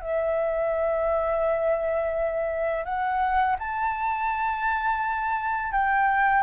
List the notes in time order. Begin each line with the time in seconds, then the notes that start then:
0.00 E5
2.84 F#5
3.58 A5
5.72 G5